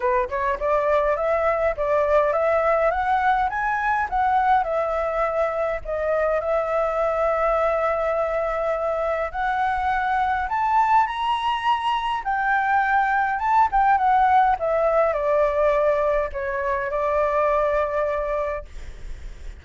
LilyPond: \new Staff \with { instrumentName = "flute" } { \time 4/4 \tempo 4 = 103 b'8 cis''8 d''4 e''4 d''4 | e''4 fis''4 gis''4 fis''4 | e''2 dis''4 e''4~ | e''1 |
fis''2 a''4 ais''4~ | ais''4 g''2 a''8 g''8 | fis''4 e''4 d''2 | cis''4 d''2. | }